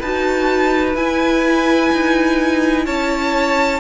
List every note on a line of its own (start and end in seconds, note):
0.00 0.95 D#4
0.00 0.97 F#4
0.00 2.86 B4
0.00 0.96 A5
0.95 1.90 E4
0.95 3.81 E4
0.95 2.87 G#5
1.92 2.87 D#4
2.86 3.81 C#4
2.86 3.81 C#5
2.86 3.81 A5